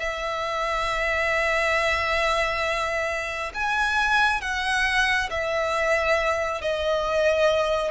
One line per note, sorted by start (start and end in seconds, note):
0.00 3.53 E5
3.55 4.41 G#5
4.41 5.29 F#5
5.31 6.62 E5
6.62 7.92 D#5